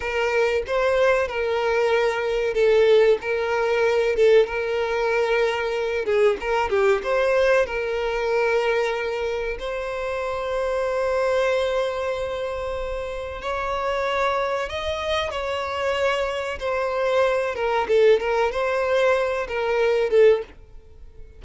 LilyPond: \new Staff \with { instrumentName = "violin" } { \time 4/4 \tempo 4 = 94 ais'4 c''4 ais'2 | a'4 ais'4. a'8 ais'4~ | ais'4. gis'8 ais'8 g'8 c''4 | ais'2. c''4~ |
c''1~ | c''4 cis''2 dis''4 | cis''2 c''4. ais'8 | a'8 ais'8 c''4. ais'4 a'8 | }